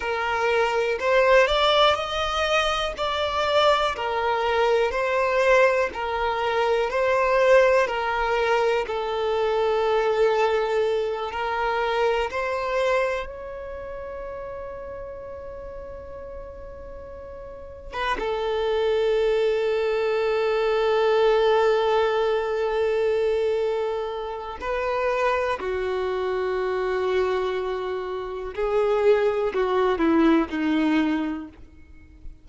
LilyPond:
\new Staff \with { instrumentName = "violin" } { \time 4/4 \tempo 4 = 61 ais'4 c''8 d''8 dis''4 d''4 | ais'4 c''4 ais'4 c''4 | ais'4 a'2~ a'8 ais'8~ | ais'8 c''4 cis''2~ cis''8~ |
cis''2~ cis''16 b'16 a'4.~ | a'1~ | a'4 b'4 fis'2~ | fis'4 gis'4 fis'8 e'8 dis'4 | }